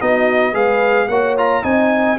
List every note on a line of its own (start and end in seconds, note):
0.00 0.54 B3
0.00 0.53 D#4
0.00 0.53 F#4
0.00 0.54 D#5
0.53 1.08 G#3
0.53 1.07 G#4
0.53 1.08 B4
0.53 1.08 F5
1.08 1.63 A#3
1.08 1.37 F#4
1.08 1.63 C#5
1.08 1.35 F#5
1.37 1.63 F4
1.37 1.63 A#5
1.63 2.18 C4
1.63 2.17 D#4
1.63 2.18 D#5
1.63 2.18 G#5